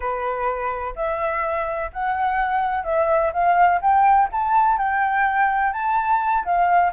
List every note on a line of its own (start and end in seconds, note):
0.00 0.94 B4
0.95 1.90 E5
1.92 2.84 F#5
2.84 3.31 E5
3.32 3.80 F5
3.81 4.29 G5
4.31 4.77 A5
4.77 5.73 G5
5.73 6.44 A5
6.44 6.92 F5